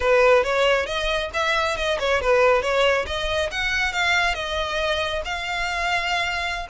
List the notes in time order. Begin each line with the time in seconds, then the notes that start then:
0.00 B4
0.43 C#5
0.86 D#5
1.33 E5
1.76 D#5
1.99 C#5
2.21 B4
2.61 C#5
3.06 D#5
3.51 F#5
3.92 F5
4.34 D#5
5.24 F5